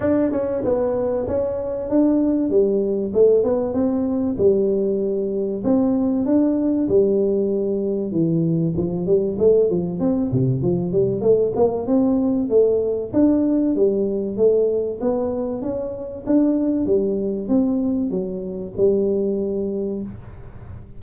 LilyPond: \new Staff \with { instrumentName = "tuba" } { \time 4/4 \tempo 4 = 96 d'8 cis'8 b4 cis'4 d'4 | g4 a8 b8 c'4 g4~ | g4 c'4 d'4 g4~ | g4 e4 f8 g8 a8 f8 |
c'8 c8 f8 g8 a8 ais8 c'4 | a4 d'4 g4 a4 | b4 cis'4 d'4 g4 | c'4 fis4 g2 | }